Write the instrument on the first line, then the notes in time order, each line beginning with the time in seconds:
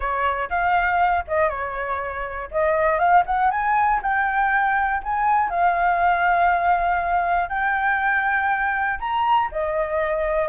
flute
0.00 C#5
0.49 F5
1.27 D#5
1.49 C#5
2.51 D#5
2.98 F5
3.25 F#5
3.50 G#5
4.02 G5
5.02 G#5
5.49 F5
7.49 G5
8.99 A#5
9.51 D#5